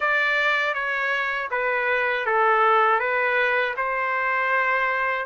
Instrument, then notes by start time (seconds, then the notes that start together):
trumpet
0.00 D5
0.74 C#5
1.50 B4
2.25 A4
2.99 B4
3.76 C5